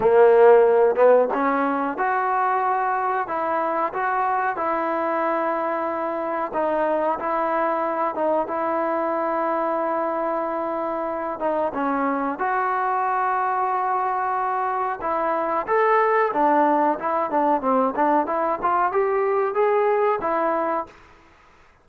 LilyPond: \new Staff \with { instrumentName = "trombone" } { \time 4/4 \tempo 4 = 92 ais4. b8 cis'4 fis'4~ | fis'4 e'4 fis'4 e'4~ | e'2 dis'4 e'4~ | e'8 dis'8 e'2.~ |
e'4. dis'8 cis'4 fis'4~ | fis'2. e'4 | a'4 d'4 e'8 d'8 c'8 d'8 | e'8 f'8 g'4 gis'4 e'4 | }